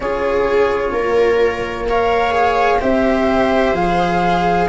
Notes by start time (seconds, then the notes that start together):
0.00 C#4 F4 G#4 C#5
0.92 A#3 A#4
1.88 A#4 C#5 F5
2.31 G#4
2.79 C4 G4 C5 E5
3.73 F3 G#4 F5